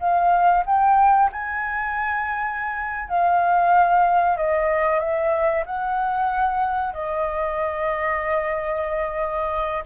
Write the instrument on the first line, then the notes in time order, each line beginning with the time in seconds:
flute
0.00 F5
0.66 G5
1.32 G#5
3.09 F5
4.37 D#5
4.99 E5
5.66 F#5
6.94 D#5